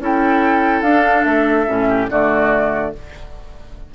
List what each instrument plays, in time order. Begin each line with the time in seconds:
0.00 bassoon C#4, clarinet E4, oboe A4, flute G5
0.82 bassoon D4, clarinet D4, flute F5
1.25 bassoon A3, flute E5
1.67 bassoon A2, clarinet C#4
1.89 oboe G4
2.10 bassoon D3, clarinet A3, oboe F#4, flute D5